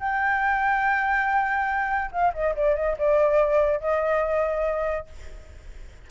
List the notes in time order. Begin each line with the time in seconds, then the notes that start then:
0.00 G5
2.12 F5
2.34 D#5
2.56 D5
2.76 D#5
2.98 D5
3.80 D#5